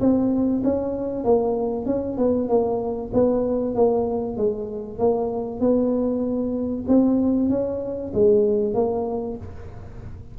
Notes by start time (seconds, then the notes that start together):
0.00 C4
0.64 C#4
1.24 A#3
1.86 C#4
2.17 B3
2.49 A#3
3.14 B3
3.75 A#3
4.37 G#3
4.99 A#3
5.60 B3
6.88 C4
7.50 C#4
8.14 G#3
8.74 A#3